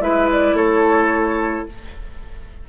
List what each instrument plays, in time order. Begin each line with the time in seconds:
0.00 bassoon G#3, clarinet E4, oboe B4, flute E5
0.32 flute D5
0.53 bassoon A3, oboe A4, flute C#5